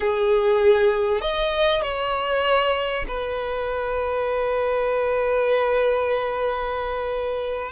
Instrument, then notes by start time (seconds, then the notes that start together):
violin
0.00 G#4
1.21 D#5
1.81 C#5
3.08 B4